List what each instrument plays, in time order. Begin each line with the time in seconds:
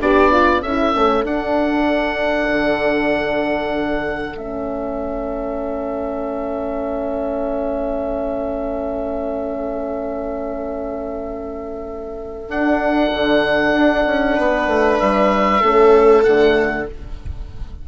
0.00 bassoon B3, viola D4, horn G4, oboe D5
0.31 horn F4
0.61 bassoon C#4, viola A4, oboe E5
0.67 horn E4
0.93 bassoon A3, horn C#4
1.23 bassoon D4, horn D4, oboe F#5
2.48 bassoon D3
4.36 bassoon A3, horn C#4, oboe E5
12.48 bassoon D4, horn D4, oboe F#5
13.12 bassoon D3
13.72 bassoon D4
14.06 bassoon C#4
14.36 bassoon B3, viola B4
14.67 bassoon A3
15.00 bassoon G3, oboe E5
15.61 bassoon A3, horn C#4, viola A4
16.23 bassoon D3, horn A3, oboe F#5